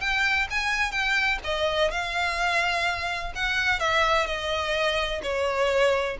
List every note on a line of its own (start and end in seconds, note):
0.00 0.47 G5
0.50 0.91 G#5
0.91 1.38 G5
1.43 1.91 D#5
1.91 3.32 F5
3.35 3.79 F#5
3.79 4.26 E5
4.26 5.21 D#5
5.22 6.17 C#5